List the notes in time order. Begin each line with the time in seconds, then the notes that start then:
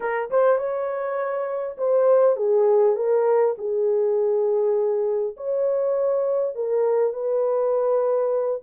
0.00 A#4
0.30 C5
0.58 C#5
1.77 C5
2.36 G#4
2.95 A#4
3.58 G#4
5.36 C#5
6.55 A#4
7.13 B4